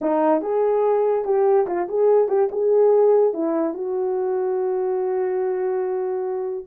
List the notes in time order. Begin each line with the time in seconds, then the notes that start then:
0.01 D#4
0.41 G#4
1.24 G4
1.67 F4
1.88 G#4
2.28 G4
2.51 G#4
3.33 E4
3.73 F#4